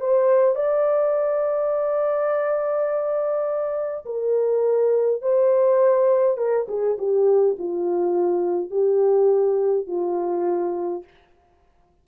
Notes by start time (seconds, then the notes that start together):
0.00 C5
0.55 D5
4.05 A#4
5.22 C5
6.37 A#4
6.68 G#4
6.98 G4
7.58 F4
8.71 G4
9.87 F4